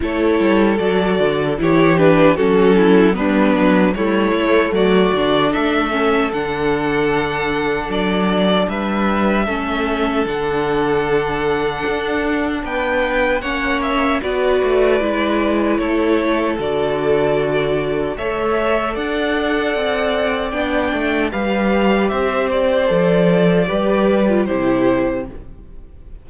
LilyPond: <<
  \new Staff \with { instrumentName = "violin" } { \time 4/4 \tempo 4 = 76 cis''4 d''4 cis''8 b'8 a'4 | b'4 cis''4 d''4 e''4 | fis''2 d''4 e''4~ | e''4 fis''2. |
g''4 fis''8 e''8 d''2 | cis''4 d''2 e''4 | fis''2 g''4 f''4 | e''8 d''2~ d''8 c''4 | }
  \new Staff \with { instrumentName = "violin" } { \time 4/4 a'2 g'4 fis'8 e'8 | d'4 e'4 fis'4 a'4~ | a'2. b'4 | a'1 |
b'4 cis''4 b'2 | a'2. cis''4 | d''2. b'4 | c''2 b'4 g'4 | }
  \new Staff \with { instrumentName = "viola" } { \time 4/4 e'4 fis'4 e'8 d'8 cis'4 | b4 a4. d'4 cis'8 | d'1 | cis'4 d'2.~ |
d'4 cis'4 fis'4 e'4~ | e'4 fis'2 a'4~ | a'2 d'4 g'4~ | g'4 a'4 g'8. f'16 e'4 | }
  \new Staff \with { instrumentName = "cello" } { \time 4/4 a8 g8 fis8 d8 e4 fis4 | g8 fis8 g8 a8 fis8 d8 a4 | d2 fis4 g4 | a4 d2 d'4 |
b4 ais4 b8 a8 gis4 | a4 d2 a4 | d'4 c'4 b8 a8 g4 | c'4 f4 g4 c4 | }
>>